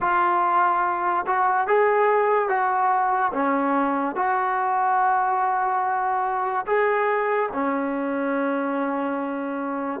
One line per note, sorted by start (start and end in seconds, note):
0.00 1.25 F4
1.26 1.67 F#4
1.67 2.48 G#4
2.48 3.31 F#4
3.33 4.15 C#4
4.15 6.65 F#4
6.66 7.49 G#4
7.53 10.00 C#4